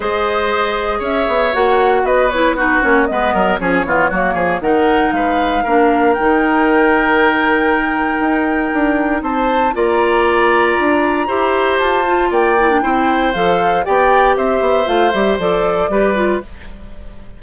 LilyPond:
<<
  \new Staff \with { instrumentName = "flute" } { \time 4/4 \tempo 4 = 117 dis''2 e''4 fis''4 | dis''8 cis''8 b'8 cis''8 dis''4 cis''4~ | cis''4 fis''4 f''2 | g''1~ |
g''2 a''4 ais''4~ | ais''2. a''4 | g''2 f''4 g''4 | e''4 f''8 e''8 d''2 | }
  \new Staff \with { instrumentName = "oboe" } { \time 4/4 c''2 cis''2 | b'4 fis'4 b'8 ais'8 gis'8 f'8 | fis'8 gis'8 ais'4 b'4 ais'4~ | ais'1~ |
ais'2 c''4 d''4~ | d''2 c''2 | d''4 c''2 d''4 | c''2. b'4 | }
  \new Staff \with { instrumentName = "clarinet" } { \time 4/4 gis'2. fis'4~ | fis'8 e'8 dis'8 cis'8 b4 cis'8 b8 | ais4 dis'2 d'4 | dis'1~ |
dis'2. f'4~ | f'2 g'4. f'8~ | f'8 e'16 d'16 e'4 a'4 g'4~ | g'4 f'8 g'8 a'4 g'8 f'8 | }
  \new Staff \with { instrumentName = "bassoon" } { \time 4/4 gis2 cis'8 b8 ais4 | b4. ais8 gis8 fis8 f8 e8 | fis8 f8 dis4 gis4 ais4 | dis1 |
dis'4 d'4 c'4 ais4~ | ais4 d'4 e'4 f'4 | ais4 c'4 f4 b4 | c'8 b8 a8 g8 f4 g4 | }
>>